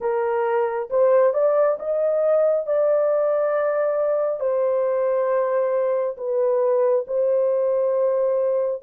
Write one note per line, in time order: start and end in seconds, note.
0.00 0.89 A#4
0.90 1.33 C5
1.33 1.77 D5
1.79 2.66 D#5
2.66 4.40 D5
4.40 6.16 C5
6.17 7.05 B4
7.07 8.82 C5